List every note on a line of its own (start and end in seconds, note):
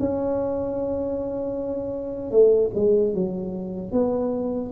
0.00 2.31 C#4
2.31 2.71 A3
2.75 3.15 G#3
3.15 3.92 F#3
3.92 4.71 B3